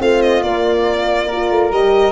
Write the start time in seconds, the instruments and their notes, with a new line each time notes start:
0.00 tuba A3, horn C4, flute F4, violin F5
0.22 violin D#5
0.43 horn A#3, tuba A#3, violin D5
1.28 horn F4, flute A#4
1.50 tuba A3
1.72 tuba G3, horn G4, violin D#5